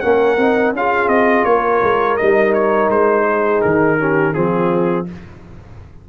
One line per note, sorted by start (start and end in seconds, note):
0.00 0.37 A#3
0.00 0.38 C#4
0.00 0.76 A#4
0.00 0.72 F#5
0.37 0.72 C4
0.37 0.75 D#4
0.72 1.08 C#4
0.72 2.20 F4
0.72 1.50 G#4
0.72 1.09 F5
1.08 1.44 C4
1.08 1.45 D#5
1.45 1.81 A#3
1.45 3.27 A#4
1.45 2.17 C#5
1.83 2.19 G#3
2.17 2.89 G3
2.17 3.99 D#4
2.17 2.53 D#5
2.54 2.90 C#5
2.89 3.61 G#3
2.89 3.61 C5
3.27 3.99 G#4
3.61 4.37 D#3
3.61 4.34 A#4
3.99 4.34 C#4
3.99 4.34 G4
4.34 5.09 F3
4.34 5.06 C4
4.34 5.06 F4
4.34 5.06 G#4